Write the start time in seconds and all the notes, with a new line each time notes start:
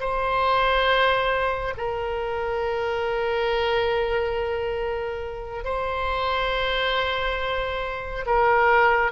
0.00 C5
1.77 A#4
5.64 C5
8.26 A#4